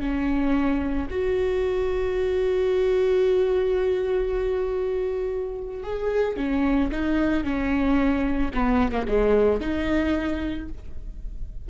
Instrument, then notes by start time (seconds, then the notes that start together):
viola
0.00 C#4
1.10 F#4
5.83 G#4
6.36 C#4
6.91 D#4
7.43 C#4
8.54 B3
8.92 A#3
9.07 G#3
9.60 D#4